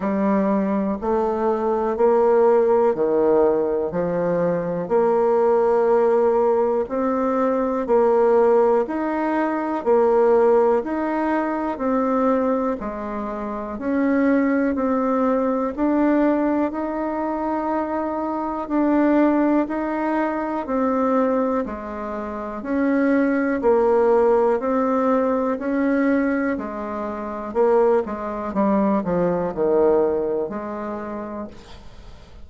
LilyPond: \new Staff \with { instrumentName = "bassoon" } { \time 4/4 \tempo 4 = 61 g4 a4 ais4 dis4 | f4 ais2 c'4 | ais4 dis'4 ais4 dis'4 | c'4 gis4 cis'4 c'4 |
d'4 dis'2 d'4 | dis'4 c'4 gis4 cis'4 | ais4 c'4 cis'4 gis4 | ais8 gis8 g8 f8 dis4 gis4 | }